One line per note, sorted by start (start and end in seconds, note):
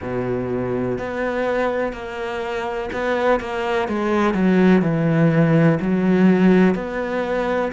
0.01 0.98 B2
0.98 1.93 B3
1.93 2.89 A#3
2.93 3.40 B3
3.40 3.88 A#3
3.88 4.34 G#3
4.34 4.82 F#3
4.82 5.78 E3
5.80 6.74 F#3
6.74 7.71 B3